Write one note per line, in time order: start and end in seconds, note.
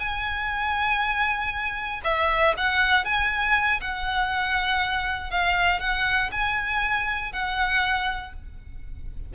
0.00 2.02 G#5
2.04 2.55 E5
2.57 3.05 F#5
3.05 3.81 G#5
3.81 5.31 F#5
5.31 5.81 F5
5.81 6.31 F#5
6.32 7.33 G#5
7.33 8.34 F#5